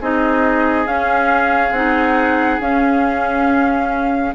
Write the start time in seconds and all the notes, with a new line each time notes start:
0.00 C4 D#4 G#4 D#5
0.86 C#4 F5
1.71 C4 D#4 F#5
2.60 C#4 F5